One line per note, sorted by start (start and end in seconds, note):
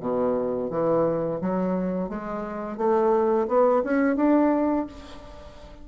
0.00 0.70 B2
0.70 1.40 E3
1.41 2.09 F#3
2.09 2.77 G#3
2.77 3.47 A3
3.48 3.82 B3
3.84 4.16 C#4
4.16 4.86 D4